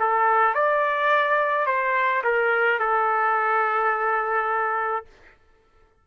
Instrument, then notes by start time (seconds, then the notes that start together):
trumpet
0.00 A4
0.55 D5
1.67 C5
2.24 A#4
2.80 A4